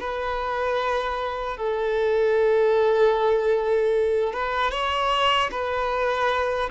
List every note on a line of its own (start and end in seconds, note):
0.00 1.57 B4
1.57 4.33 A4
4.33 4.72 B4
4.72 5.50 C#5
5.52 6.70 B4